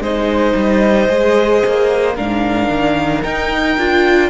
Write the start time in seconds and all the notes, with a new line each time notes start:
0.00 G#3 D#4 C5 D#5
0.55 G3
1.08 G#3 G#4
1.66 A#3
2.16 G#2 D4 A#4 F5
2.70 D#3
3.24 D#4 G5
3.78 D4 F4